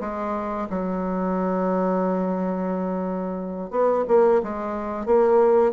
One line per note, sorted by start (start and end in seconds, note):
0.00 0.67 G#3
0.70 3.70 F#3
3.70 4.04 B3
4.08 4.41 A#3
4.43 5.06 G#3
5.06 5.72 A#3